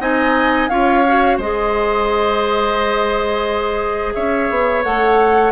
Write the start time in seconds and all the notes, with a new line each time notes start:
0.00 C4 D#4 D#5 G#5
0.69 C#4 F4 C#5 F5
1.07 F#4
1.37 G#3 G#4 C5 D#5
4.14 C#4 C#5 E5
4.50 B3
4.83 A3 A4 F#5